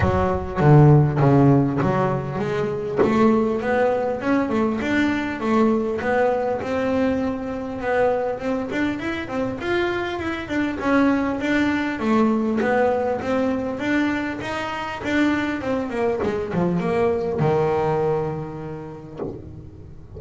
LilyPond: \new Staff \with { instrumentName = "double bass" } { \time 4/4 \tempo 4 = 100 fis4 d4 cis4 fis4 | gis4 a4 b4 cis'8 a8 | d'4 a4 b4 c'4~ | c'4 b4 c'8 d'8 e'8 c'8 |
f'4 e'8 d'8 cis'4 d'4 | a4 b4 c'4 d'4 | dis'4 d'4 c'8 ais8 gis8 f8 | ais4 dis2. | }